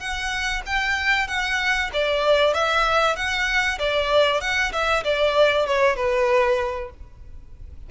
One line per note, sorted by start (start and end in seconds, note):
0.00 0.62 F#5
0.66 1.28 G5
1.28 1.91 F#5
1.94 2.54 D5
2.54 3.16 E5
3.16 3.79 F#5
3.79 4.41 D5
4.41 4.72 F#5
4.73 5.04 E5
5.05 5.67 D5
5.67 5.97 C#5
5.97 6.90 B4